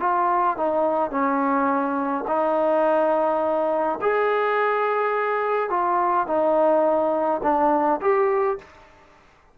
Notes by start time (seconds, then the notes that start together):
0.00 F4
0.57 D#4
1.11 C#4
2.28 D#4
4.02 G#4
5.70 F4
6.27 D#4
7.43 D4
8.01 G4